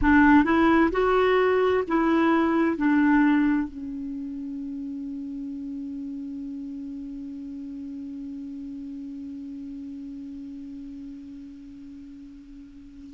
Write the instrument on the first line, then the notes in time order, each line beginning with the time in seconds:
clarinet
0.01 D4
0.44 E4
0.91 F#4
1.87 E4
2.77 D4
3.68 C#4